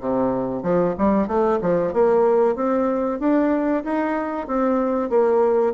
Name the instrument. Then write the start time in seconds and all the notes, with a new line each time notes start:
bassoon
0.00 C3
0.63 F3
0.97 G3
1.27 A3
1.61 F3
1.93 A#3
2.55 C4
3.19 D4
3.84 D#4
4.47 C4
5.09 A#3